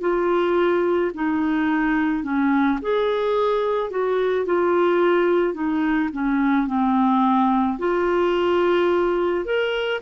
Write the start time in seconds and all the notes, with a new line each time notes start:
0.00 F4
1.14 D#4
2.23 C#4
2.81 G#4
3.90 F#4
4.45 F4
5.54 D#4
6.12 C#4
6.67 C4
7.78 F4
9.45 A#4